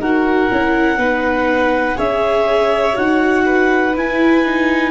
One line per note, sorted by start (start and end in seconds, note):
0.00 0.49 D#4
0.00 0.51 F#4
0.00 0.99 A#4
0.00 1.99 F#5
0.51 0.97 C#4
0.51 0.98 E4
0.97 1.96 B3
0.97 1.96 D#4
0.97 1.97 B4
1.96 2.97 C#4
1.96 2.94 G#4
1.96 3.45 C#5
1.96 2.97 E5
2.94 3.96 D#4
2.94 3.92 F#4
2.94 3.95 F#5
3.45 4.92 B4
3.95 4.45 E4
3.95 4.92 E4
3.95 4.92 G#5
4.45 4.92 D#4